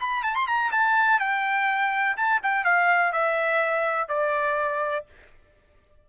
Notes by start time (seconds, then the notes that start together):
0.00 B5
0.23 A5
0.35 C6
0.47 A#5
0.71 A5
1.20 G5
2.17 A5
2.43 G5
2.65 F5
3.13 E5
4.09 D5